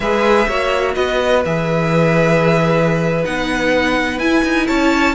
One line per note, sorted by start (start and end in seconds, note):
0.00 0.46 G#3
0.00 0.48 G#4
0.00 0.48 B4
0.00 0.94 E5
0.48 0.96 A#3
0.48 1.44 F#4
0.48 0.94 C#5
0.94 1.44 B3
0.94 4.66 B4
0.94 1.42 D#5
1.45 3.25 E3
1.45 3.23 G#4
1.45 3.25 E5
3.23 4.19 B3
3.23 4.19 D#4
3.23 4.18 F#5
4.18 4.43 E4
4.18 5.15 E4
4.18 4.66 G#5
4.44 4.68 D#4
4.67 5.15 C#4
4.67 5.15 C#5
4.67 5.15 A5